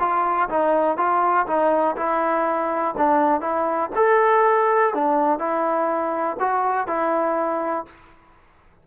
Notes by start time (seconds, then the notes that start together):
0.00 F4
0.50 D#4
0.97 F4
1.47 D#4
1.97 E4
2.98 D4
3.41 E4
3.96 A4
4.94 D4
5.39 E4
6.40 F#4
6.88 E4